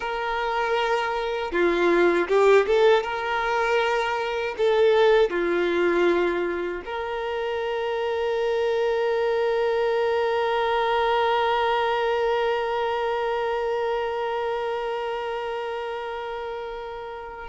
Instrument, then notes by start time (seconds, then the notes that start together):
violin
0.00 A#4
1.51 F4
2.28 G4
2.66 A4
3.03 A#4
4.57 A4
5.30 F4
6.85 A#4